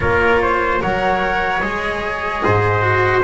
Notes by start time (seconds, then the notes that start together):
0.00 A#3 F4 A#4 C#5
0.42 C5
0.80 F#3 A#4 C#5 F#5
1.60 G#3 G#4 D#5
2.44 G#2 C5
2.81 F#4